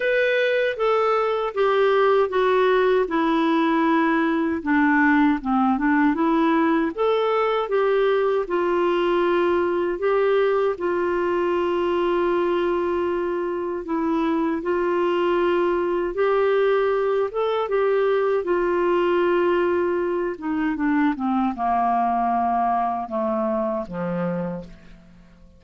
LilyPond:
\new Staff \with { instrumentName = "clarinet" } { \time 4/4 \tempo 4 = 78 b'4 a'4 g'4 fis'4 | e'2 d'4 c'8 d'8 | e'4 a'4 g'4 f'4~ | f'4 g'4 f'2~ |
f'2 e'4 f'4~ | f'4 g'4. a'8 g'4 | f'2~ f'8 dis'8 d'8 c'8 | ais2 a4 f4 | }